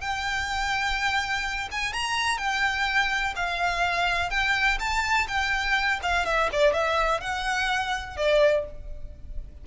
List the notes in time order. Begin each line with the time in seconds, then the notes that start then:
0.00 G5
1.71 G#5
1.93 A#5
2.37 G5
3.35 F5
4.30 G5
4.79 A5
5.28 G5
6.02 F5
6.25 E5
6.52 D5
6.73 E5
7.20 F#5
8.16 D5